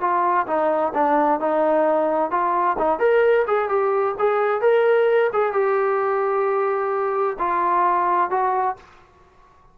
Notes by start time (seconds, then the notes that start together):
0.00 F4
0.47 D#4
0.94 D4
1.40 D#4
2.31 F4
2.78 D#4
2.99 A#4
3.47 G#4
3.69 G4
4.19 G#4
4.61 A#4
5.32 G#4
5.53 G4
7.39 F4
8.30 F#4